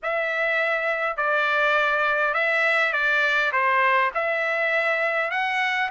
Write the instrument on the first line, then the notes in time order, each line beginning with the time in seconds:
trumpet
0.02 E5
1.16 D5
2.34 E5
2.93 D5
3.52 C5
4.14 E5
5.30 F#5